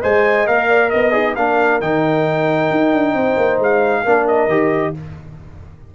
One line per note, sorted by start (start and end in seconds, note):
0.00 0.48 G#3
0.00 0.46 C5
0.00 0.67 D#5
0.00 0.47 G#5
0.46 0.93 A#3
0.46 1.11 A#4
0.46 0.90 F5
0.68 0.90 D5
0.90 1.36 B3
0.90 1.35 D#5
0.90 1.14 D#5
1.11 1.36 D#4
1.11 1.34 G#4
1.35 1.81 A#3
1.35 1.81 D4
1.35 3.15 A#4
1.35 1.80 F5
1.81 2.70 D#3
1.81 4.05 D#4
1.81 3.60 G5
2.70 2.93 D#4
2.93 3.14 D4
3.14 3.36 C4
3.14 4.02 C5
3.37 3.59 A#3
3.59 4.04 G#3
3.59 4.27 F5
4.02 4.47 A#3
4.02 4.49 D4
4.02 4.92 A#4
4.27 4.95 D#5
4.47 4.92 D#3
4.47 4.94 G4